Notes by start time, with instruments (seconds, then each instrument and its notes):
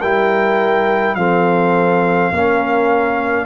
0.00 tuba G3, trombone E4, horn A#4, trumpet G5
1.15 tuba F3, trombone C4, horn A4, trumpet F5
2.32 tuba A#3, trombone C#4, horn A#4